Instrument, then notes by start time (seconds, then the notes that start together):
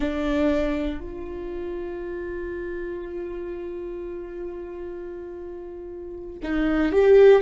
viola
0.00 D4
1.00 F4
6.42 D#4
6.92 G4